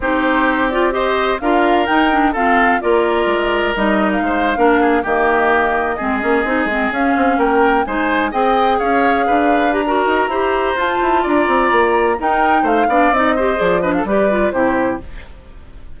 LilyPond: <<
  \new Staff \with { instrumentName = "flute" } { \time 4/4 \tempo 4 = 128 c''4. d''8 dis''4 f''4 | g''4 f''4 d''2 | dis''8. f''2 dis''4~ dis''16~ | dis''2~ dis''8. f''4 g''16~ |
g''8. gis''4 g''4 f''4~ f''16~ | f''8. ais''2~ ais''16 a''4 | ais''2 g''4 f''4 | dis''4 d''8 dis''16 f''16 d''4 c''4 | }
  \new Staff \with { instrumentName = "oboe" } { \time 4/4 g'2 c''4 ais'4~ | ais'4 a'4 ais'2~ | ais'4 c''8. ais'8 gis'8 g'4~ g'16~ | g'8. gis'2. ais'16~ |
ais'8. c''4 dis''4 cis''4 b'16~ | b'4 ais'4 c''2 | d''2 ais'4 c''8 d''8~ | d''8 c''4 b'16 a'16 b'4 g'4 | }
  \new Staff \with { instrumentName = "clarinet" } { \time 4/4 dis'4. f'8 g'4 f'4 | dis'8 d'8 c'4 f'2 | dis'4.~ dis'16 d'4 ais4~ ais16~ | ais8. c'8 cis'8 dis'8 c'8 cis'4~ cis'16~ |
cis'8. dis'4 gis'2~ gis'16~ | gis'8. g'16 fis'4 g'4 f'4~ | f'2 dis'4. d'8 | dis'8 g'8 gis'8 d'8 g'8 f'8 e'4 | }
  \new Staff \with { instrumentName = "bassoon" } { \time 4/4 c'2. d'4 | dis'4 f'4 ais4 gis4 | g4 gis8. ais4 dis4~ dis16~ | dis8. gis8 ais8 c'8 gis8 cis'8 c'8 ais16~ |
ais8. gis4 c'4 cis'4 d'16~ | d'4. dis'8 e'4 f'8 e'8 | d'8 c'8 ais4 dis'4 a8 b8 | c'4 f4 g4 c4 | }
>>